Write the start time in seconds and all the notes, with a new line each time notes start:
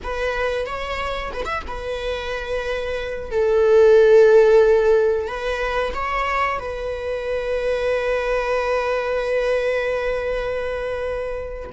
0.03 B4
0.66 C#5
1.33 B4
1.45 E5
1.67 B4
3.31 A4
5.27 B4
5.93 C#5
6.59 B4